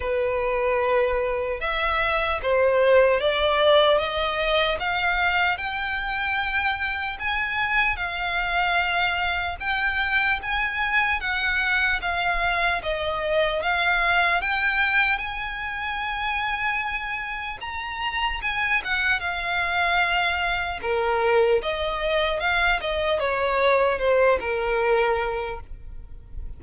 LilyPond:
\new Staff \with { instrumentName = "violin" } { \time 4/4 \tempo 4 = 75 b'2 e''4 c''4 | d''4 dis''4 f''4 g''4~ | g''4 gis''4 f''2 | g''4 gis''4 fis''4 f''4 |
dis''4 f''4 g''4 gis''4~ | gis''2 ais''4 gis''8 fis''8 | f''2 ais'4 dis''4 | f''8 dis''8 cis''4 c''8 ais'4. | }